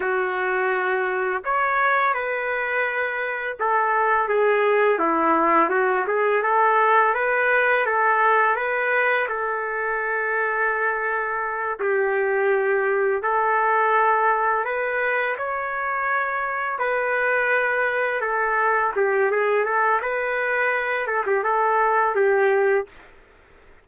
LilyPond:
\new Staff \with { instrumentName = "trumpet" } { \time 4/4 \tempo 4 = 84 fis'2 cis''4 b'4~ | b'4 a'4 gis'4 e'4 | fis'8 gis'8 a'4 b'4 a'4 | b'4 a'2.~ |
a'8 g'2 a'4.~ | a'8 b'4 cis''2 b'8~ | b'4. a'4 g'8 gis'8 a'8 | b'4. a'16 g'16 a'4 g'4 | }